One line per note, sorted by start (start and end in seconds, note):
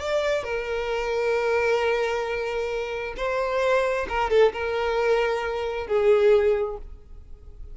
0.00 0.44 D5
0.44 3.14 A#4
3.17 4.07 C5
4.09 4.30 A#4
4.30 4.53 A4
4.53 5.87 A#4
5.87 6.78 G#4